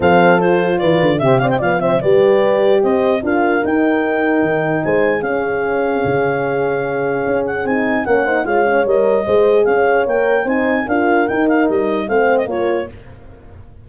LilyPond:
<<
  \new Staff \with { instrumentName = "clarinet" } { \time 4/4 \tempo 4 = 149 f''4 c''4 d''4 e''8 f''16 g''16 | f''8 e''8 d''2 dis''4 | f''4 g''2. | gis''4 f''2.~ |
f''2~ f''8 fis''8 gis''4 | fis''4 f''4 dis''2 | f''4 g''4 gis''4 f''4 | g''8 f''8 dis''4 f''8. dis''16 cis''4 | }
  \new Staff \with { instrumentName = "horn" } { \time 4/4 a'2 b'4 c''8 d''16 e''16 | d''8 c''8 b'2 c''4 | ais'1 | c''4 gis'2.~ |
gis'1 | ais'8 c''8 cis''2 c''4 | cis''2 c''4 ais'4~ | ais'2 c''4 ais'4 | }
  \new Staff \with { instrumentName = "horn" } { \time 4/4 c'4 f'2 g'8 c'8 | b8 c'8 g'2. | f'4 dis'2.~ | dis'4 cis'2.~ |
cis'2. dis'4 | cis'8 dis'8 f'8 cis'8 ais'4 gis'4~ | gis'4 ais'4 dis'4 f'4 | dis'2 c'4 f'4 | }
  \new Staff \with { instrumentName = "tuba" } { \time 4/4 f2 e8 d8 c4 | f4 g2 c'4 | d'4 dis'2 dis4 | gis4 cis'2 cis4~ |
cis2 cis'4 c'4 | ais4 gis4 g4 gis4 | cis'4 ais4 c'4 d'4 | dis'4 g4 a4 ais4 | }
>>